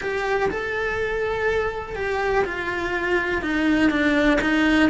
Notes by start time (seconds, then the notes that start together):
0.01 G4
0.50 A4
1.95 G4
2.44 F4
3.41 D#4
3.90 D4
4.41 D#4